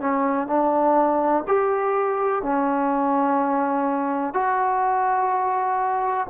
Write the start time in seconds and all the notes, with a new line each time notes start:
0.00 C#4
0.47 D4
1.47 G4
2.42 C#4
4.33 F#4